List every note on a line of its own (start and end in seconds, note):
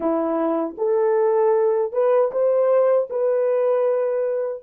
0.00 0.75 E4
0.77 1.92 A4
1.92 2.31 B4
2.31 3.08 C5
3.09 4.62 B4